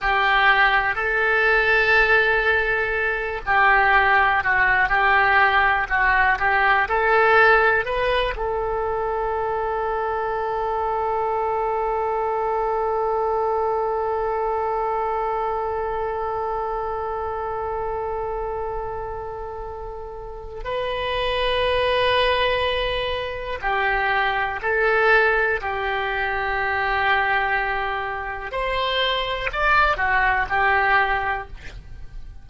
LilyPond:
\new Staff \with { instrumentName = "oboe" } { \time 4/4 \tempo 4 = 61 g'4 a'2~ a'8 g'8~ | g'8 fis'8 g'4 fis'8 g'8 a'4 | b'8 a'2.~ a'8~ | a'1~ |
a'1~ | a'4 b'2. | g'4 a'4 g'2~ | g'4 c''4 d''8 fis'8 g'4 | }